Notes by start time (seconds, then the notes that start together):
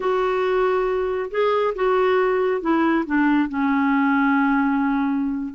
0.00 F#4
1.30 G#4
1.75 F#4
2.61 E4
3.06 D4
3.48 C#4